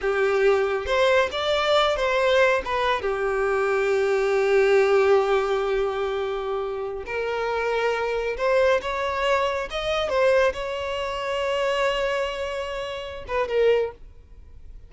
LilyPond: \new Staff \with { instrumentName = "violin" } { \time 4/4 \tempo 4 = 138 g'2 c''4 d''4~ | d''8 c''4. b'4 g'4~ | g'1~ | g'1~ |
g'16 ais'2. c''8.~ | c''16 cis''2 dis''4 c''8.~ | c''16 cis''2.~ cis''8.~ | cis''2~ cis''8 b'8 ais'4 | }